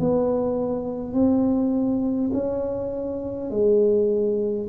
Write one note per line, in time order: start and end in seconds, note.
0.00 1.13 B3
1.13 2.31 C4
2.34 3.51 C#4
3.51 4.68 G#3